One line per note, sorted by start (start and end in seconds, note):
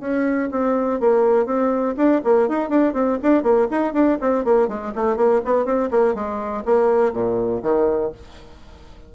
0.00 0.49 C#4
0.51 1.00 C4
1.00 1.46 A#3
1.46 1.95 C4
1.97 2.22 D4
2.24 2.49 A#3
2.49 2.70 D#4
2.70 2.94 D4
2.94 3.18 C4
3.23 3.43 D4
3.43 3.68 A#3
3.71 3.93 D#4
3.93 4.18 D4
4.21 4.45 C4
4.45 4.68 A#3
4.68 4.93 G#3
4.95 5.17 A3
5.17 5.41 A#3
5.45 5.65 B3
5.65 5.90 C4
5.91 6.15 A#3
6.15 6.64 G#3
6.65 7.13 A#3
7.13 7.62 A#2
7.63 8.12 D#3